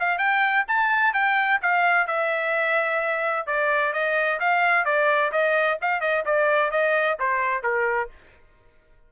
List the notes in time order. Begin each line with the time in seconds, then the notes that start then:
0.00 F5
0.19 G5
0.68 A5
1.14 G5
1.62 F5
2.07 E5
3.47 D5
3.93 D#5
4.40 F5
4.85 D5
5.32 D#5
5.82 F5
6.01 D#5
6.26 D5
6.71 D#5
7.20 C5
7.63 A#4